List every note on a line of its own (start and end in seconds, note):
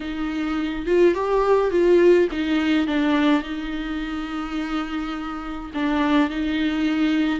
0.00 0.86 D#4
0.86 1.14 F4
1.14 1.71 G4
1.71 2.28 F4
2.31 2.87 D#4
2.87 3.42 D4
3.42 5.71 D#4
5.74 6.30 D4
6.30 7.39 D#4